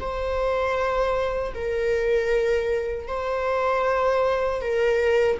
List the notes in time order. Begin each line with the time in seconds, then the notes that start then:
0.00 C5
1.55 A#4
3.08 C5
4.61 A#4